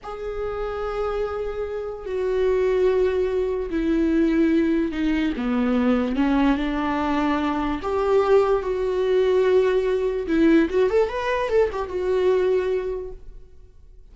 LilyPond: \new Staff \with { instrumentName = "viola" } { \time 4/4 \tempo 4 = 146 gis'1~ | gis'4 fis'2.~ | fis'4 e'2. | dis'4 b2 cis'4 |
d'2. g'4~ | g'4 fis'2.~ | fis'4 e'4 fis'8 a'8 b'4 | a'8 g'8 fis'2. | }